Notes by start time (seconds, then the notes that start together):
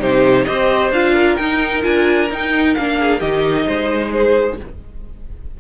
0.00 C3 D#4 G4 C5
0.45 C4 G4 C5 D#5
0.91 D4 F4 F5
1.14 A#4
1.37 D#4 G5
1.82 D4 F4 G#5
2.30 D#4 G5
2.75 A#3 D4 F5
3.00 G#4
3.20 D#3 D#4 G4 D#5
3.66 G#3 C5
4.12 G#4 C5